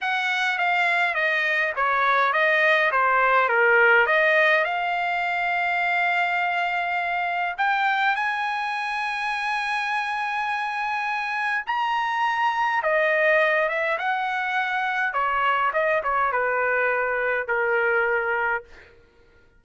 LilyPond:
\new Staff \with { instrumentName = "trumpet" } { \time 4/4 \tempo 4 = 103 fis''4 f''4 dis''4 cis''4 | dis''4 c''4 ais'4 dis''4 | f''1~ | f''4 g''4 gis''2~ |
gis''1 | ais''2 dis''4. e''8 | fis''2 cis''4 dis''8 cis''8 | b'2 ais'2 | }